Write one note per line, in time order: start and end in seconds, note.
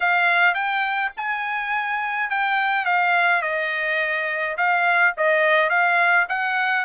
0.00 0.54 F5
0.54 1.11 G5
1.17 2.30 G#5
2.30 2.85 G5
2.85 3.42 F5
3.42 4.56 D#5
4.57 5.14 F5
5.17 5.69 D#5
5.69 6.26 F5
6.28 6.85 F#5